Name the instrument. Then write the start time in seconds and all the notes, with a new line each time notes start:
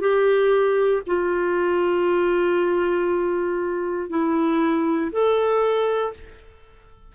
clarinet
0.00 G4
1.06 F4
4.09 E4
5.12 A4